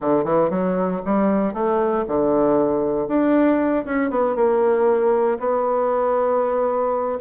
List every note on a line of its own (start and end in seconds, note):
0.00 0.24 D3
0.24 0.49 E3
0.49 1.01 F#3
1.05 1.53 G3
1.53 2.04 A3
2.07 3.07 D3
3.07 3.84 D4
3.85 4.10 C#4
4.10 4.35 B3
4.35 5.38 A#3
5.39 7.18 B3